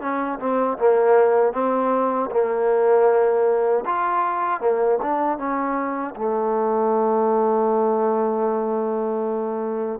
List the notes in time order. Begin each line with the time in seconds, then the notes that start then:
0.00 C#4
0.39 C4
0.78 A#3
1.52 C4
2.30 A#3
3.85 F4
4.60 A#3
5.01 D4
5.38 C#4
6.15 A3